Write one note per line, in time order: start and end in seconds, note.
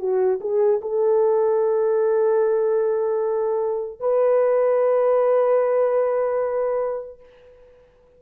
0.00 0.40 F#4
0.41 0.81 G#4
0.82 4.00 A4
4.00 7.20 B4